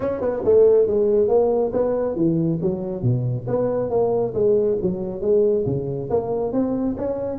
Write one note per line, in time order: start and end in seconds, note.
0.00 0.21 C#4
0.21 0.42 B3
0.44 0.87 A3
0.87 1.28 G#3
1.28 1.71 A#3
1.73 2.15 B3
2.15 2.59 E3
2.61 3.02 F#3
3.02 3.46 B2
3.47 3.90 B3
3.90 4.33 A#3
4.34 4.77 G#3
4.81 5.21 F#3
5.21 5.64 G#3
5.66 6.09 C#3
6.10 6.52 A#3
6.52 6.95 C4
6.97 7.38 C#4